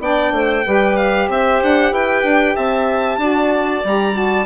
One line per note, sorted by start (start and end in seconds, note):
0.00 0.32 B3
0.00 0.64 D4
0.00 0.33 D5
0.00 0.97 G5
0.32 0.64 A3
0.32 0.66 C5
0.65 1.29 G3
0.65 3.20 G4
0.65 1.29 B4
0.97 1.29 F5
1.29 1.61 C4
1.29 1.93 C5
1.29 1.63 E5
1.63 1.92 D4
1.63 1.94 F#5
1.92 2.23 E4
1.92 2.55 B4
1.92 2.56 G5
2.23 2.55 D4
2.55 3.18 C4
2.55 3.19 E5
2.55 3.84 A5
3.18 3.82 D4
3.18 3.83 F#4
3.18 4.46 D5
3.84 4.46 G3
3.84 4.13 G4
3.84 4.17 A#5
4.13 4.45 F#4
4.13 4.46 A5